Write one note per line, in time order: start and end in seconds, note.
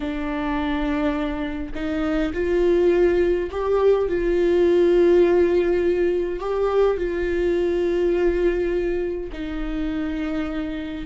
0.00 1.72 D4
1.74 2.32 D#4
2.33 3.50 F4
3.50 4.08 G4
4.08 6.39 F4
6.39 6.97 G4
6.97 9.30 F4
9.32 11.05 D#4